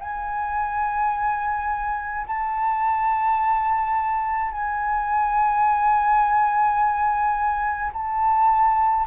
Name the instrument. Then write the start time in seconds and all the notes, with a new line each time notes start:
flute
0.00 G#5
2.27 A5
4.51 G#5
7.93 A5